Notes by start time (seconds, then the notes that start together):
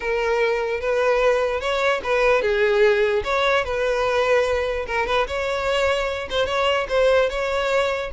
0.00 A#4
0.80 B4
1.60 C#5
2.03 B4
2.41 G#4
3.24 C#5
3.64 B4
4.86 A#4
5.06 B4
5.27 C#5
6.29 C5
6.46 C#5
6.88 C5
7.29 C#5